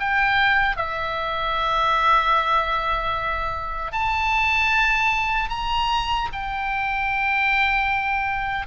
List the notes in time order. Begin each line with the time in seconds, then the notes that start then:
0.00 G5
0.77 E5
3.93 A5
5.50 A#5
6.33 G5